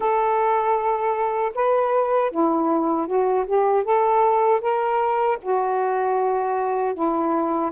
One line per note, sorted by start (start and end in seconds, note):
0.00 1.52 A4
1.55 2.31 B4
2.31 3.07 E4
3.07 3.45 F#4
3.46 3.84 G4
3.84 4.60 A4
4.61 5.38 A#4
5.42 6.94 F#4
6.94 7.71 E4